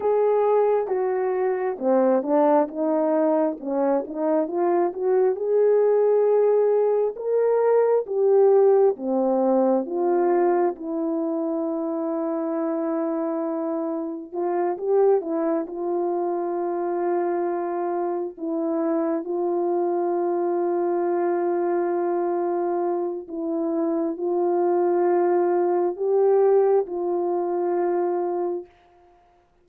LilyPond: \new Staff \with { instrumentName = "horn" } { \time 4/4 \tempo 4 = 67 gis'4 fis'4 c'8 d'8 dis'4 | cis'8 dis'8 f'8 fis'8 gis'2 | ais'4 g'4 c'4 f'4 | e'1 |
f'8 g'8 e'8 f'2~ f'8~ | f'8 e'4 f'2~ f'8~ | f'2 e'4 f'4~ | f'4 g'4 f'2 | }